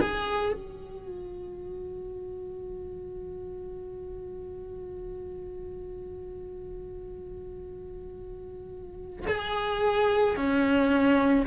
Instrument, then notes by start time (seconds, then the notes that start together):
cello
0.00 G#4
0.52 F#4
9.27 G#4
10.36 C#4